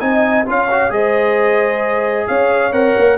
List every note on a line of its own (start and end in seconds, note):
0.00 0.46 C4
0.00 0.46 D#4
0.00 0.46 D#5
0.00 0.45 G#5
0.46 0.90 C#4
0.46 0.69 F4
0.46 0.93 C#5
0.46 0.92 F5
0.71 0.90 F#4
0.90 2.27 G#3
0.90 2.72 G#4
0.90 2.29 C5
0.90 2.28 D#5
2.28 2.73 C#4
2.28 3.18 C#5
2.28 2.73 F5
2.73 2.95 C4
2.73 3.18 A#4
2.73 3.18 F#5
2.98 3.18 A#3